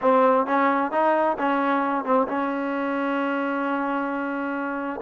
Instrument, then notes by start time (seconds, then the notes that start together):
trombone
0.01 C4
0.46 C#4
0.91 D#4
1.38 C#4
2.04 C4
2.27 C#4